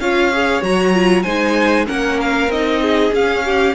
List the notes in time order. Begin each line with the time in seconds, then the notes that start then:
0.00 C#4 F4 C#5 F5
0.32 G#4
0.62 F#3 F#4 A#5
0.94 F4
1.23 G#3 D#4 C5 G#5
1.86 A#3 C#4 A#4 F#5
2.21 F5
2.48 C4 D#4 D#5
2.81 G#4
3.11 C#4 F5
3.45 G4